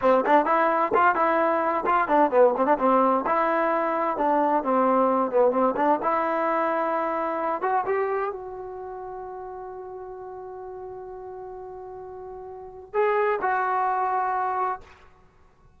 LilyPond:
\new Staff \with { instrumentName = "trombone" } { \time 4/4 \tempo 4 = 130 c'8 d'8 e'4 f'8 e'4. | f'8 d'8 b8 c'16 d'16 c'4 e'4~ | e'4 d'4 c'4. b8 | c'8 d'8 e'2.~ |
e'8 fis'8 g'4 fis'2~ | fis'1~ | fis'1 | gis'4 fis'2. | }